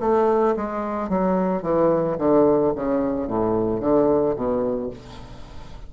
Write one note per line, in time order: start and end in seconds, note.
0.00 0.55 A3
0.56 1.09 G#3
1.09 1.62 F#3
1.62 2.16 E3
2.18 2.72 D3
2.75 3.27 C#3
3.27 3.80 A2
3.80 4.34 D3
4.35 4.89 B2